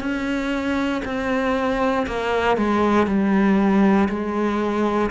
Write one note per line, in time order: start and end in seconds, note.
0.00 1.02 C#4
1.05 2.07 C4
2.07 2.57 A#3
2.57 3.07 G#3
3.07 4.09 G3
4.09 5.11 G#3